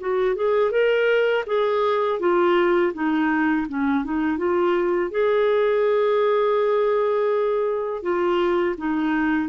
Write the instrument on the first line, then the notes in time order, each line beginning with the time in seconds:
clarinet
0.00 F#4
0.36 G#4
0.71 A#4
1.47 G#4
2.20 F4
2.94 D#4
3.68 C#4
4.04 D#4
4.38 F4
5.11 G#4
8.03 F4
8.78 D#4